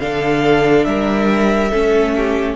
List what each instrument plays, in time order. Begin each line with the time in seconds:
0.00 cello D3, viola D4, violin A4 F5
0.85 cello G3, violin A#4 E5
1.71 cello A3, viola C#4, violin A4
2.16 violin G4